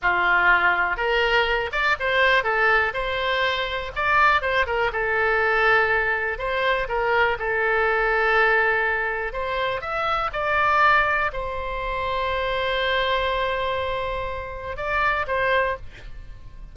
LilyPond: \new Staff \with { instrumentName = "oboe" } { \time 4/4 \tempo 4 = 122 f'2 ais'4. d''8 | c''4 a'4 c''2 | d''4 c''8 ais'8 a'2~ | a'4 c''4 ais'4 a'4~ |
a'2. c''4 | e''4 d''2 c''4~ | c''1~ | c''2 d''4 c''4 | }